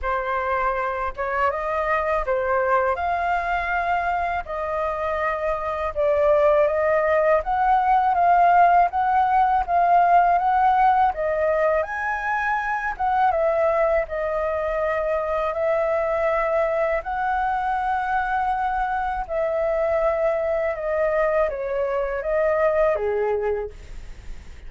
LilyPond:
\new Staff \with { instrumentName = "flute" } { \time 4/4 \tempo 4 = 81 c''4. cis''8 dis''4 c''4 | f''2 dis''2 | d''4 dis''4 fis''4 f''4 | fis''4 f''4 fis''4 dis''4 |
gis''4. fis''8 e''4 dis''4~ | dis''4 e''2 fis''4~ | fis''2 e''2 | dis''4 cis''4 dis''4 gis'4 | }